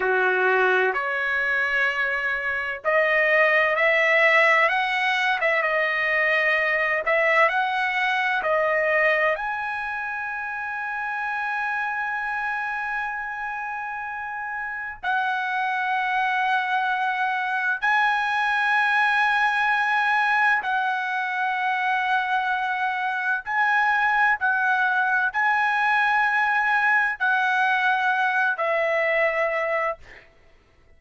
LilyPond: \new Staff \with { instrumentName = "trumpet" } { \time 4/4 \tempo 4 = 64 fis'4 cis''2 dis''4 | e''4 fis''8. e''16 dis''4. e''8 | fis''4 dis''4 gis''2~ | gis''1 |
fis''2. gis''4~ | gis''2 fis''2~ | fis''4 gis''4 fis''4 gis''4~ | gis''4 fis''4. e''4. | }